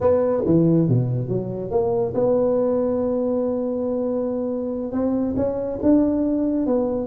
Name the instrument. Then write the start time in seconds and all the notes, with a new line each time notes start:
tuba
0.00 B3
0.45 E3
0.88 B2
1.28 F#3
1.70 A#3
2.14 B3
4.91 C4
5.36 C#4
5.82 D4
6.66 B3